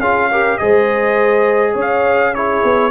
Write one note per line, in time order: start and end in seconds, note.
0.00 0.58 C#4
0.00 0.31 F4
0.00 0.30 G#4
0.00 0.58 F5
0.31 0.59 G4
0.31 0.60 A#4
0.58 1.75 G#3
0.58 2.34 G#4
0.58 1.73 C5
0.58 1.74 D#5
1.73 2.62 C#4
1.73 2.31 C#5
1.81 2.35 F5
2.35 2.91 E4
2.35 2.91 G#4
2.35 2.91 C#5
2.64 2.91 B3